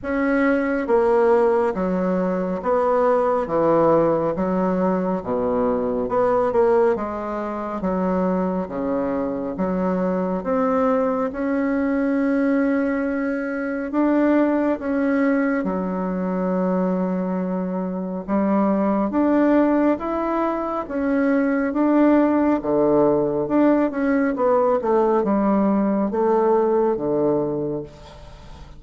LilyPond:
\new Staff \with { instrumentName = "bassoon" } { \time 4/4 \tempo 4 = 69 cis'4 ais4 fis4 b4 | e4 fis4 b,4 b8 ais8 | gis4 fis4 cis4 fis4 | c'4 cis'2. |
d'4 cis'4 fis2~ | fis4 g4 d'4 e'4 | cis'4 d'4 d4 d'8 cis'8 | b8 a8 g4 a4 d4 | }